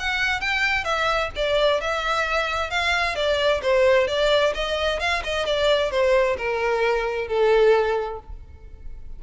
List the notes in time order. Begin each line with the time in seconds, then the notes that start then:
0.00 F#5
0.41 G5
0.85 E5
1.36 D5
1.81 E5
2.71 F5
3.16 D5
3.63 C5
4.08 D5
4.55 D#5
5.00 F5
5.24 D#5
5.46 D5
5.91 C5
6.38 A#4
7.28 A4